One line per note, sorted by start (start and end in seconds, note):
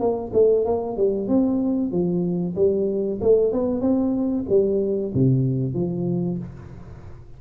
0.00 0.32 A#3
0.33 0.65 A3
0.65 0.97 A#3
0.97 1.29 G3
1.29 1.92 C4
1.92 2.56 F3
2.56 3.20 G3
3.21 3.53 A3
3.53 3.81 B3
3.81 4.45 C4
4.49 5.13 G3
5.14 5.74 C3
5.74 6.38 F3